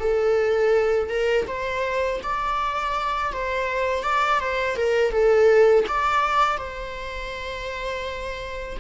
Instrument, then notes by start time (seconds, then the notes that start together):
viola
0.00 A4
1.10 A#4
1.48 C5
2.23 D5
3.33 C5
4.03 D5
4.40 C5
4.76 A#4
5.12 A4
5.88 D5
6.58 C5